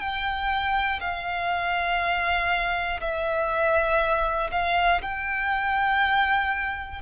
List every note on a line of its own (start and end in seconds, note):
0.00 1.00 G5
1.00 3.00 F5
3.00 4.50 E5
4.51 5.01 F5
5.02 7.02 G5